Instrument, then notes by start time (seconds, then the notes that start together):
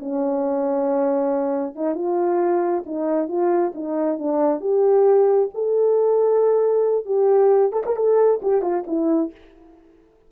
horn
0.00 C#4
1.76 D#4
1.95 F4
2.86 D#4
3.29 F4
3.75 D#4
4.19 D4
4.61 G4
5.55 A4
7.06 G4
7.73 A4
7.86 A#4
7.97 A4
8.43 G4
8.62 F4
8.87 E4